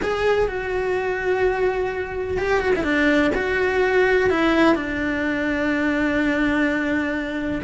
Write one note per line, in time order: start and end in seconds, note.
0.02 0.48 G#4
0.48 2.37 F#4
2.37 2.60 G4
2.60 2.72 F#4
2.75 2.83 E4
2.83 3.31 D4
3.35 4.29 F#4
4.29 4.75 E4
4.75 7.61 D4